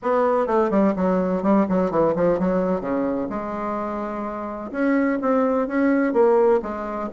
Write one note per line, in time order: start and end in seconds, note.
0.02 0.46 B3
0.46 0.70 A3
0.70 0.93 G3
0.96 1.42 F#3
1.42 1.66 G3
1.68 1.90 F#3
1.90 2.14 E3
2.15 2.39 F3
2.39 2.80 F#3
2.80 3.28 C#3
3.29 4.71 G#3
4.71 5.18 C#4
5.21 5.67 C4
5.67 6.13 C#4
6.13 6.60 A#3
6.62 7.09 G#3